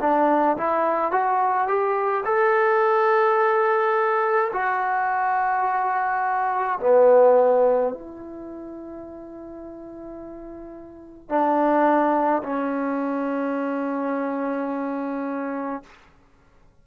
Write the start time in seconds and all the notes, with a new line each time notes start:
0.00 D4
0.57 E4
1.11 F#4
1.67 G4
2.25 A4
4.53 F#4
6.80 B3
7.93 E4
11.29 D4
12.43 C#4